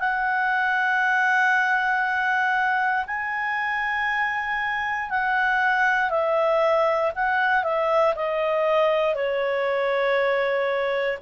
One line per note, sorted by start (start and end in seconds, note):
0.00 3.05 F#5
3.07 5.10 G#5
5.10 6.10 F#5
6.10 7.12 E5
7.15 7.64 F#5
7.64 8.14 E5
8.15 9.15 D#5
9.15 11.19 C#5